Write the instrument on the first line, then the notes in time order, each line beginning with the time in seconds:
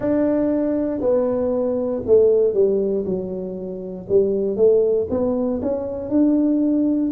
tuba
0.00 D4
1.00 B3
2.06 A3
2.53 G3
3.05 F#3
4.08 G3
4.56 A3
5.09 B3
5.62 C#4
6.09 D4